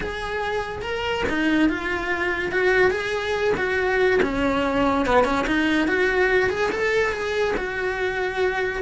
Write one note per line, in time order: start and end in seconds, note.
0.00 0.81 G#4
0.81 1.23 A#4
1.29 1.69 D#4
1.69 2.51 F4
2.51 2.90 F#4
2.90 3.53 G#4
3.57 4.20 F#4
4.22 5.06 C#4
5.06 5.24 B3
5.24 5.45 C#4
5.46 5.87 D#4
5.87 6.49 F#4
6.49 6.70 G#4
6.71 7.12 A4
7.12 7.54 G#4
7.57 8.82 F#4